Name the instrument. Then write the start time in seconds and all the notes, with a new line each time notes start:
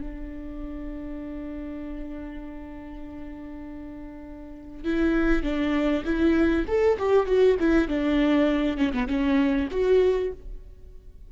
viola
0.00 D4
4.84 E4
5.43 D4
6.04 E4
6.67 A4
6.99 G4
7.26 F#4
7.59 E4
7.88 D4
8.77 C#4
8.92 B3
9.07 C#4
9.71 F#4